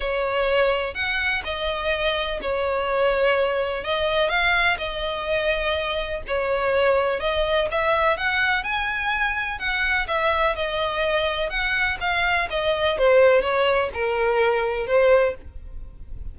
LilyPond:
\new Staff \with { instrumentName = "violin" } { \time 4/4 \tempo 4 = 125 cis''2 fis''4 dis''4~ | dis''4 cis''2. | dis''4 f''4 dis''2~ | dis''4 cis''2 dis''4 |
e''4 fis''4 gis''2 | fis''4 e''4 dis''2 | fis''4 f''4 dis''4 c''4 | cis''4 ais'2 c''4 | }